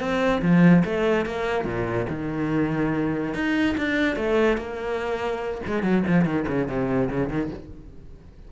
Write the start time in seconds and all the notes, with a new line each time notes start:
0.00 C4
0.42 F3
0.85 A3
1.26 A#3
1.65 A#2
2.10 D#3
3.34 D#4
3.78 D4
4.16 A3
4.57 A#3
5.67 G#3
5.83 F#3
6.08 F3
6.25 D#3
6.48 C#3
6.68 C3
7.10 C#3
7.30 D#3